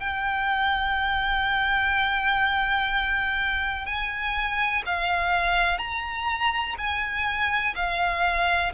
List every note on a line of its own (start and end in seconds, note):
0.00 3.86 G5
3.86 4.83 G#5
4.86 5.78 F5
5.78 6.75 A#5
6.78 7.75 G#5
7.76 8.72 F5